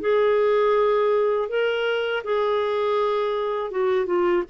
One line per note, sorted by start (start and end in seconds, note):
0.00 1.48 G#4
1.48 2.23 A#4
2.24 3.71 G#4
3.71 4.06 F#4
4.06 4.43 F4